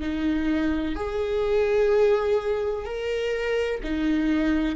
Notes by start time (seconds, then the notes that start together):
0.00 D#4
0.95 G#4
2.85 A#4
3.84 D#4